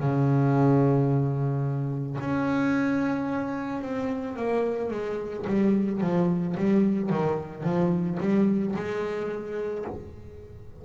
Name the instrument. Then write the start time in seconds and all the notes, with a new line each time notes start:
double bass
0.00 C#3
2.21 C#4
3.82 C4
4.37 A#3
4.91 G#3
5.47 G3
6.01 F3
6.58 G3
7.10 D#3
7.64 F3
8.21 G3
8.76 G#3